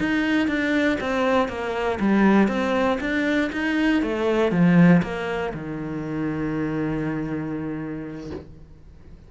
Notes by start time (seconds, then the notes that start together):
0.00 D#4
0.48 D4
1.00 C4
1.49 A#3
2.00 G3
2.48 C4
3.01 D4
3.52 D#4
4.03 A3
4.52 F3
5.03 A#3
5.54 D#3